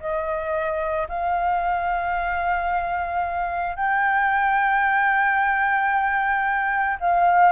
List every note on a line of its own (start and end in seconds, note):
0.00 1.07 D#5
1.08 3.76 F5
3.76 6.97 G5
7.00 7.52 F5